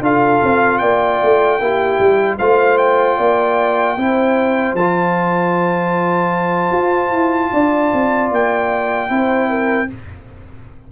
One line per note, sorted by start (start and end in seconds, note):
0.00 0.39 D4
0.00 1.60 F4
0.00 0.80 A4
0.00 0.78 F5
0.42 0.80 C4
0.78 1.20 A#3
0.78 1.59 D5
0.78 2.36 G5
1.22 1.59 A3
1.59 1.99 A#3
1.59 2.39 E4
1.59 2.38 G4
1.99 2.38 G3
2.38 3.18 A3
2.38 3.97 F4
2.38 3.17 C5
2.38 2.77 F5
2.77 4.75 G5
3.17 3.97 A#3
3.17 3.96 D5
3.97 4.73 C4
3.97 4.77 E4
3.97 7.52 C5
4.73 6.71 F3
4.73 9.08 F4
4.73 8.31 A5
6.72 7.11 F4
7.11 7.50 E4
7.52 7.92 D4
7.52 9.10 D5
7.93 8.31 C4
8.31 9.09 A#3
8.31 9.91 G5
9.08 9.88 C4
9.08 9.87 E4
9.08 9.49 C5
9.49 9.89 A#4